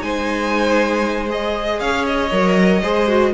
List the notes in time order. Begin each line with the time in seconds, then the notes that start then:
0.00 G#3 D#4 C5 G#5
1.29 G#4 D#5
1.80 C#4 C#5 F5
2.06 D#5
2.31 F#3 A#4
2.82 G#3 G#4 C5
3.07 F#4